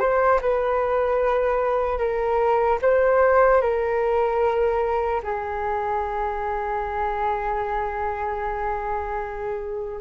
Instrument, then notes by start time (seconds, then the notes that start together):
flute
0.00 C5
0.42 B4
1.99 A#4
2.82 C5
3.62 A#4
5.24 G#4